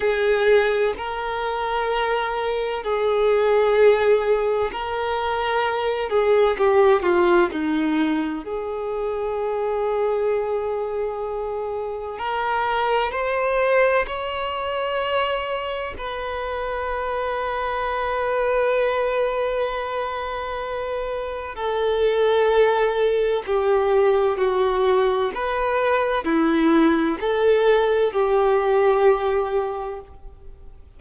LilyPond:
\new Staff \with { instrumentName = "violin" } { \time 4/4 \tempo 4 = 64 gis'4 ais'2 gis'4~ | gis'4 ais'4. gis'8 g'8 f'8 | dis'4 gis'2.~ | gis'4 ais'4 c''4 cis''4~ |
cis''4 b'2.~ | b'2. a'4~ | a'4 g'4 fis'4 b'4 | e'4 a'4 g'2 | }